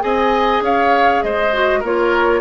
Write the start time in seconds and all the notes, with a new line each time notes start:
0.00 C4 G#4 D#5 G#5
0.61 C#4 C#5 F5
1.23 G#3 C5 D#5
1.53 F#4
1.79 A#3 F4 A#4 C#5